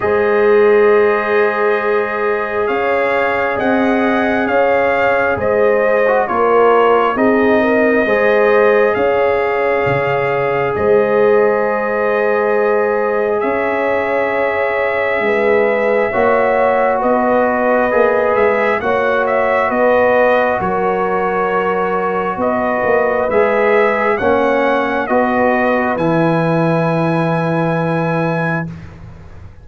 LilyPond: <<
  \new Staff \with { instrumentName = "trumpet" } { \time 4/4 \tempo 4 = 67 dis''2. f''4 | fis''4 f''4 dis''4 cis''4 | dis''2 f''2 | dis''2. e''4~ |
e''2. dis''4~ | dis''8 e''8 fis''8 e''8 dis''4 cis''4~ | cis''4 dis''4 e''4 fis''4 | dis''4 gis''2. | }
  \new Staff \with { instrumentName = "horn" } { \time 4/4 c''2. cis''4 | dis''4 cis''4 c''4 ais'4 | gis'8 ais'8 c''4 cis''2 | c''2. cis''4~ |
cis''4 b'4 cis''4 b'4~ | b'4 cis''4 b'4 ais'4~ | ais'4 b'2 cis''4 | b'1 | }
  \new Staff \with { instrumentName = "trombone" } { \time 4/4 gis'1~ | gis'2~ gis'8. fis'16 f'4 | dis'4 gis'2.~ | gis'1~ |
gis'2 fis'2 | gis'4 fis'2.~ | fis'2 gis'4 cis'4 | fis'4 e'2. | }
  \new Staff \with { instrumentName = "tuba" } { \time 4/4 gis2. cis'4 | c'4 cis'4 gis4 ais4 | c'4 gis4 cis'4 cis4 | gis2. cis'4~ |
cis'4 gis4 ais4 b4 | ais8 gis8 ais4 b4 fis4~ | fis4 b8 ais8 gis4 ais4 | b4 e2. | }
>>